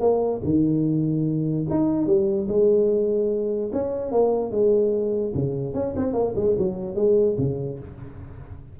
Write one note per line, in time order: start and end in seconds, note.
0.00 0.41 A#3
0.44 1.66 D#3
1.70 2.06 D#4
2.06 2.47 G3
2.49 3.71 G#3
3.73 4.12 C#4
4.12 4.51 A#3
4.51 5.33 G#3
5.35 5.74 C#3
5.74 5.94 C#4
5.96 6.13 C4
6.13 6.34 A#3
6.35 6.56 G#3
6.58 6.95 F#3
6.95 7.36 G#3
7.38 7.79 C#3